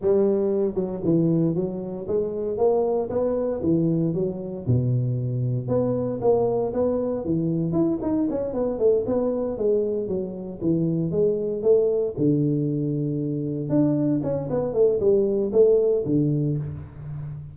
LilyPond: \new Staff \with { instrumentName = "tuba" } { \time 4/4 \tempo 4 = 116 g4. fis8 e4 fis4 | gis4 ais4 b4 e4 | fis4 b,2 b4 | ais4 b4 e4 e'8 dis'8 |
cis'8 b8 a8 b4 gis4 fis8~ | fis8 e4 gis4 a4 d8~ | d2~ d8 d'4 cis'8 | b8 a8 g4 a4 d4 | }